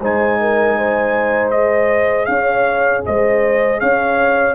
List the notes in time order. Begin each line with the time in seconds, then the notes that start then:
0.00 G#3 D#4 C5 G#5
0.40 A#4
0.77 C5
1.50 G#4 D#5
2.25 C#4 C#5 F5
3.05 G#3 C5 D#5
3.80 C#4 C#5 F5